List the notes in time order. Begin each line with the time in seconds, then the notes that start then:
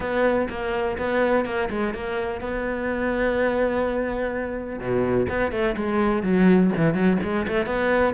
0.00 B3
0.49 A#3
0.97 B3
1.45 A#3
1.70 G#3
1.93 A#3
2.40 B3
4.79 B2
5.29 B3
5.51 A3
5.76 G#3
6.22 F#3
6.76 E3
6.94 F#3
7.22 G#3
7.47 A3
7.66 B3